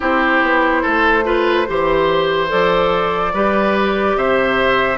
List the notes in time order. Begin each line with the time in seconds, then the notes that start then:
0.00 C4 E4 G4 C5
0.41 B3
0.82 A3 A4
1.24 F4 B4
1.67 E3 G4 C5
2.48 F3 A4 D5
3.33 G3 G4 B4
4.15 C3 C5 E5